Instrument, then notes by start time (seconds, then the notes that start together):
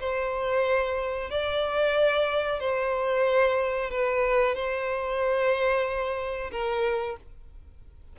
violin
0.00 C5
1.30 D5
2.60 C5
3.90 B4
4.55 C5
6.51 A#4